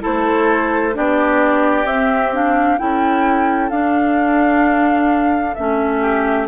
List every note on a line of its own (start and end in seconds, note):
0.00 0.92 E4
0.00 0.95 A4
0.00 0.97 C5
0.07 0.97 A3
0.93 1.85 B3
0.93 1.86 D4
0.93 2.81 G4
0.93 1.87 D5
1.85 2.77 C4
1.85 2.33 C4
1.85 2.33 E5
2.33 2.78 D4
2.33 2.79 F5
2.78 3.71 C#4
2.78 3.71 E4
2.78 6.01 A4
2.78 3.70 G5
3.70 5.56 D4
3.70 5.55 F5
5.55 6.48 A3
5.55 6.48 C#4
5.55 6.47 E5
6.01 6.47 G4